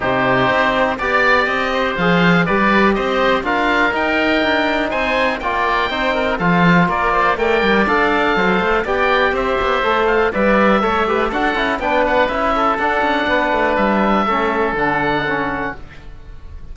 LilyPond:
<<
  \new Staff \with { instrumentName = "oboe" } { \time 4/4 \tempo 4 = 122 c''2 d''4 dis''4 | f''4 d''4 dis''4 f''4 | g''2 gis''4 g''4~ | g''4 f''4 d''4 g''4 |
f''2 g''4 e''4~ | e''8 f''8 e''2 fis''4 | g''8 fis''8 e''4 fis''2 | e''2 fis''2 | }
  \new Staff \with { instrumentName = "oboe" } { \time 4/4 g'2 d''4. c''8~ | c''4 b'4 c''4 ais'4~ | ais'2 c''4 d''4 | c''8 ais'8 a'4 ais'8 c''8 d''4~ |
d''4 c''4 d''4 c''4~ | c''4 d''4 cis''8 b'8 a'4 | b'4. a'4. b'4~ | b'4 a'2. | }
  \new Staff \with { instrumentName = "trombone" } { \time 4/4 dis'2 g'2 | gis'4 g'2 f'4 | dis'2. f'4 | dis'4 f'2 ais'4 |
a'2 g'2 | a'4 b'4 a'8 g'8 fis'8 e'8 | d'4 e'4 d'2~ | d'4 cis'4 d'4 cis'4 | }
  \new Staff \with { instrumentName = "cello" } { \time 4/4 c4 c'4 b4 c'4 | f4 g4 c'4 d'4 | dis'4 d'4 c'4 ais4 | c'4 f4 ais4 a8 g8 |
d'4 fis8 a8 b4 c'8 b8 | a4 g4 a4 d'8 cis'8 | b4 cis'4 d'8 cis'8 b8 a8 | g4 a4 d2 | }
>>